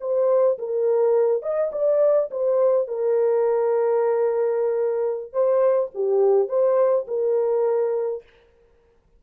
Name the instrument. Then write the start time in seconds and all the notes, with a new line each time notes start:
horn
0.00 C5
0.58 A#4
1.42 D#5
1.72 D5
2.31 C5
2.87 A#4
5.32 C5
5.94 G4
6.48 C5
7.07 A#4